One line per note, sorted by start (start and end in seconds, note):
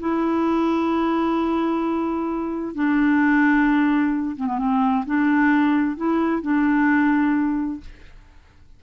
0.00 2.75 E4
2.75 4.36 D4
4.37 4.47 C4
4.47 4.58 B3
4.58 5.05 C4
5.06 5.96 D4
5.96 6.42 E4
6.42 7.80 D4